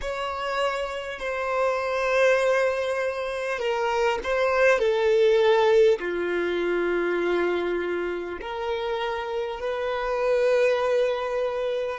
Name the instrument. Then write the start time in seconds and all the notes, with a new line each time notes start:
violin
0.01 C#5
1.19 C5
3.58 A#4
4.23 C5
4.78 A4
5.99 F4
8.41 A#4
9.60 B4